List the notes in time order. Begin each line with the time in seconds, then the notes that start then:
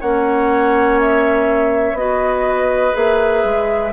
0.00 A#3 C#4 C#5 F#5
0.99 E5
1.93 B3 F#4 D#5
2.00 B4
2.93 A#3 G#4 E5
3.44 G#3